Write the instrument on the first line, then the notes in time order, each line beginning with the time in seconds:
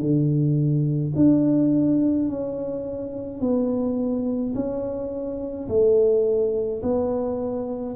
tuba
0.00 D3
1.16 D4
2.28 C#4
3.41 B3
4.55 C#4
5.68 A3
6.82 B3